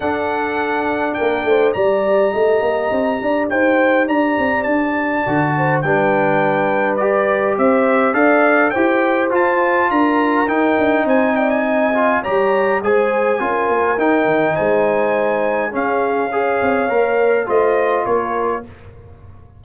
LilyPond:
<<
  \new Staff \with { instrumentName = "trumpet" } { \time 4/4 \tempo 4 = 103 fis''2 g''4 ais''4~ | ais''2 g''4 ais''4 | a''2 g''2 | d''4 e''4 f''4 g''4 |
a''4 ais''4 g''4 gis''8 g''16 gis''16~ | gis''4 ais''4 gis''2 | g''4 gis''2 f''4~ | f''2 dis''4 cis''4 | }
  \new Staff \with { instrumentName = "horn" } { \time 4/4 a'2 ais'8 c''8 d''4 | dis''4. d''8 c''4 d''4~ | d''4. c''8 b'2~ | b'4 c''4 d''4 c''4~ |
c''4 ais'2 c''8 d''8 | dis''4 cis''4 c''4 ais'4~ | ais'4 c''2 gis'4 | cis''2 c''4 ais'4 | }
  \new Staff \with { instrumentName = "trombone" } { \time 4/4 d'2. g'4~ | g'1~ | g'4 fis'4 d'2 | g'2 a'4 g'4 |
f'2 dis'2~ | dis'8 f'8 g'4 gis'4 f'4 | dis'2. cis'4 | gis'4 ais'4 f'2 | }
  \new Staff \with { instrumentName = "tuba" } { \time 4/4 d'2 ais8 a8 g4 | a8 ais8 c'8 d'8 dis'4 d'8 c'8 | d'4 d4 g2~ | g4 c'4 d'4 e'4 |
f'4 d'4 dis'8 d'8 c'4~ | c'4 g4 gis4 cis'8 ais8 | dis'8 dis8 gis2 cis'4~ | cis'8 c'8 ais4 a4 ais4 | }
>>